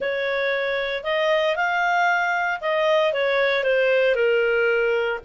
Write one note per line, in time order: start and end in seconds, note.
0.00 1.03 C#5
1.03 1.55 D#5
1.55 2.60 F5
2.61 3.13 D#5
3.13 3.63 C#5
3.63 4.15 C5
4.15 5.19 A#4